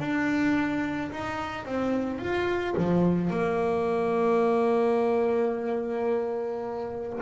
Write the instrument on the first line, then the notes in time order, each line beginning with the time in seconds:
double bass
0.00 D4
1.12 D#4
1.66 C4
2.19 F4
2.78 F3
3.31 A#3